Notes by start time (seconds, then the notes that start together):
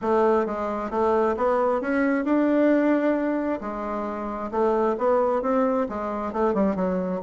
0.01 A3
0.46 G#3
0.90 A3
1.36 B3
1.81 C#4
2.24 D4
3.60 G#3
4.51 A3
4.98 B3
5.42 C4
5.89 G#3
6.32 A3
6.54 G3
6.75 F#3